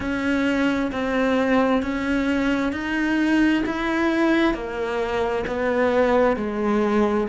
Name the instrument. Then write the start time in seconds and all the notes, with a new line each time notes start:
cello
0.00 C#4
0.91 C4
1.82 C#4
2.72 D#4
3.66 E4
4.54 A#3
5.46 B3
6.36 G#3